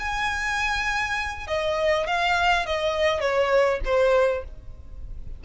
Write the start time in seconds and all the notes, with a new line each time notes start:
0.00 G#5
1.48 D#5
2.07 F5
2.67 D#5
3.21 C#5
3.85 C5